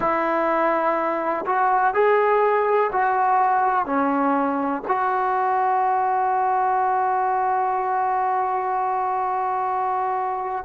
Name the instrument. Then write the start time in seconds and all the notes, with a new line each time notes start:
trombone
0.00 E4
1.46 F#4
1.94 G#4
2.92 F#4
3.85 C#4
4.87 F#4